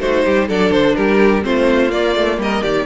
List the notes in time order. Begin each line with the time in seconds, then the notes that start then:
0.00 A3 D#4 F#4 C5
0.25 G3 G4
0.48 F#3 D4 A4 D5
0.71 D3 C5
0.95 G3 G4 A#4
1.42 A3 C4 F4 C5
1.90 A#3 D5
2.15 A3
2.38 G3 A#4 D#5
2.62 D#3 G4 D5